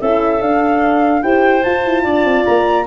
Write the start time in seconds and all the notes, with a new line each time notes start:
0.00 C#4 E4 A4 E5
0.40 D4 F5
1.22 E4 G4 C5 G5
1.62 F4 A5
1.85 E4
2.03 D4 D5
2.24 C4
2.45 A#3 A#5